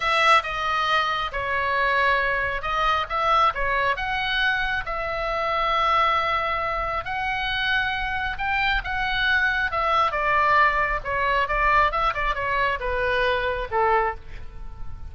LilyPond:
\new Staff \with { instrumentName = "oboe" } { \time 4/4 \tempo 4 = 136 e''4 dis''2 cis''4~ | cis''2 dis''4 e''4 | cis''4 fis''2 e''4~ | e''1 |
fis''2. g''4 | fis''2 e''4 d''4~ | d''4 cis''4 d''4 e''8 d''8 | cis''4 b'2 a'4 | }